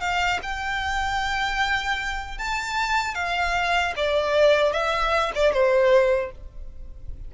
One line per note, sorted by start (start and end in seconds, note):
0.00 0.39 F5
0.42 2.38 G5
2.38 3.15 A5
3.15 3.94 F5
3.96 4.73 D5
4.73 5.32 E5
5.35 5.53 D5
5.53 6.32 C5